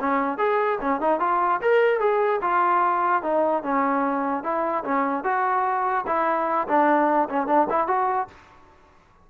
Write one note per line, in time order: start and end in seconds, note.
0.00 0.38 C#4
0.38 0.78 G#4
0.81 1.00 C#4
1.00 1.20 D#4
1.20 1.60 F4
1.61 2.00 A#4
2.00 2.40 G#4
2.41 3.22 F4
3.22 3.63 D#4
3.63 4.43 C#4
4.43 4.84 E4
4.84 5.24 C#4
5.24 6.05 F#4
6.06 6.67 E4
6.68 7.28 D4
7.29 7.47 C#4
7.47 7.67 D4
7.70 7.87 E4
7.87 8.28 F#4